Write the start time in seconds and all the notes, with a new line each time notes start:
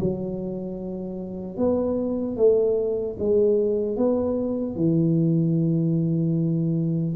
0.00 F#3
1.57 B3
2.37 A3
3.19 G#3
3.97 B3
4.76 E3